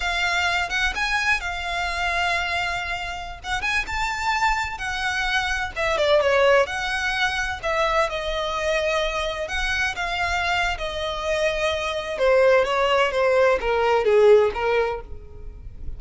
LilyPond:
\new Staff \with { instrumentName = "violin" } { \time 4/4 \tempo 4 = 128 f''4. fis''8 gis''4 f''4~ | f''2.~ f''16 fis''8 gis''16~ | gis''16 a''2 fis''4.~ fis''16~ | fis''16 e''8 d''8 cis''4 fis''4.~ fis''16~ |
fis''16 e''4 dis''2~ dis''8.~ | dis''16 fis''4 f''4.~ f''16 dis''4~ | dis''2 c''4 cis''4 | c''4 ais'4 gis'4 ais'4 | }